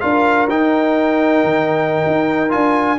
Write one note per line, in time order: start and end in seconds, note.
0.00 0.49 D4
0.00 0.49 F4
0.00 2.99 A#4
0.00 0.48 F5
0.49 1.44 D#4
0.49 2.49 D#4
0.49 2.51 G5
1.44 2.03 D#3
2.07 2.54 D#4
2.49 2.99 D4
2.49 2.97 F4
2.49 2.99 G#5